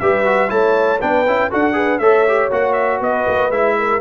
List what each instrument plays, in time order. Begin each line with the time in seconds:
0.00 tuba G3, trombone G4, horn B4, trumpet E5
0.25 trombone F#4
0.48 tuba A3, trombone E4, horn C#5, trumpet A5
1.00 tuba B3, trombone D4, horn B4, trumpet G5
1.27 tuba C#4, trombone E4
1.50 tuba D4, trombone F#4, horn A4, trumpet F#5
1.73 trombone G#4, horn B4
1.99 tuba A3, trombone A4, horn C#5, trumpet E5
2.28 trombone G4
2.51 tuba A#3, trombone F#4, trumpet F#5
2.73 trumpet E5
3.00 tuba B3, horn B4, trumpet D#5
3.28 tuba A#3
3.50 tuba G#3, trombone E4, trumpet E5
3.79 horn A#4